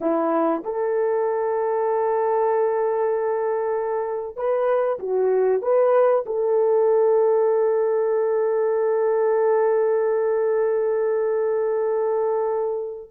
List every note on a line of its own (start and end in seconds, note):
0.00 0.63 E4
0.63 4.36 A4
4.36 4.98 B4
4.99 5.61 F#4
5.61 6.24 B4
6.26 13.11 A4